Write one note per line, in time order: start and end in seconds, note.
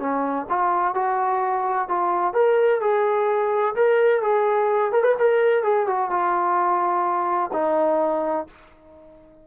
0.00 0.47 C#4
0.50 0.95 F4
0.95 1.89 F#4
1.89 2.34 F4
2.34 2.81 A#4
2.81 3.75 G#4
3.76 4.23 A#4
4.23 4.93 G#4
4.93 5.04 A#4
5.04 5.15 B4
5.19 5.64 A#4
5.64 5.87 G#4
5.87 6.11 F#4
6.11 7.51 F4
7.53 8.47 D#4